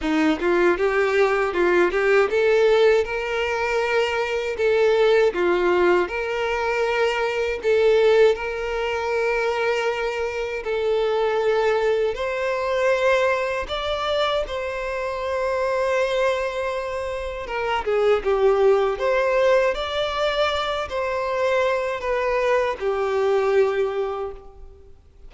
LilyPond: \new Staff \with { instrumentName = "violin" } { \time 4/4 \tempo 4 = 79 dis'8 f'8 g'4 f'8 g'8 a'4 | ais'2 a'4 f'4 | ais'2 a'4 ais'4~ | ais'2 a'2 |
c''2 d''4 c''4~ | c''2. ais'8 gis'8 | g'4 c''4 d''4. c''8~ | c''4 b'4 g'2 | }